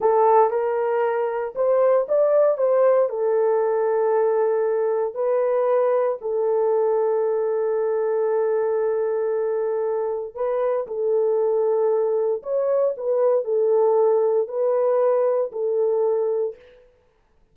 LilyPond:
\new Staff \with { instrumentName = "horn" } { \time 4/4 \tempo 4 = 116 a'4 ais'2 c''4 | d''4 c''4 a'2~ | a'2 b'2 | a'1~ |
a'1 | b'4 a'2. | cis''4 b'4 a'2 | b'2 a'2 | }